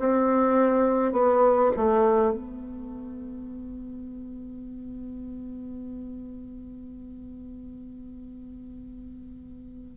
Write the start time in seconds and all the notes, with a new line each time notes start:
0.00 C4
1.12 B3
1.77 A3
2.32 B3